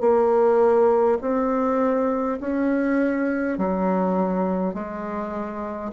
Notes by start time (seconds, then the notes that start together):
0.00 A#3
1.21 C4
2.40 C#4
3.58 F#3
4.74 G#3